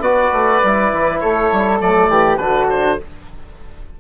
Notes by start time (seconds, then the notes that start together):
0.00 B3 F#4 B4 D5
0.32 A3
0.63 G3 E4
0.92 E3
1.20 A3 A4 C#5
1.52 G3
1.79 F#3 A3 D5
2.09 E3 G4
2.37 D3 D4 F#4 B4
2.69 C5